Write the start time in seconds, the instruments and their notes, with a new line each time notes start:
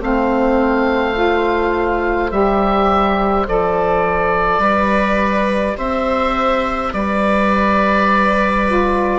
0.00 bassoon A3, saxophone C4, viola C5, oboe F5
1.14 saxophone F4
2.31 bassoon G3, saxophone G4, oboe E5
3.47 bassoon F3, saxophone A4, oboe D5
4.59 bassoon G3, saxophone G4, viola B4
5.77 bassoon C4, viola C5, oboe E5
6.93 bassoon G3, viola B4, oboe D5
8.66 saxophone F4